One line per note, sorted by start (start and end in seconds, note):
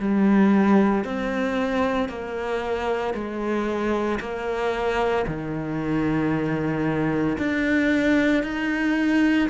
0.00 1.05 G3
1.05 2.09 C4
2.09 3.14 A#3
3.14 4.20 G#3
4.20 5.25 A#3
5.27 7.38 D#3
7.38 8.44 D4
8.44 9.49 D#4